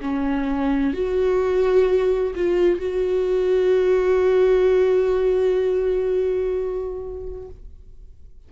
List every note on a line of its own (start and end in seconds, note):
0.00 0.93 C#4
0.93 2.34 F#4
2.35 2.79 F4
2.79 7.48 F#4